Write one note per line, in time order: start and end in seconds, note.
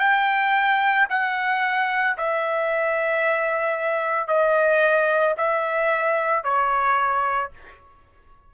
0.00 1.07 G5
1.09 2.16 F#5
2.18 4.28 E5
4.28 5.35 D#5
5.38 6.44 E5
6.44 7.51 C#5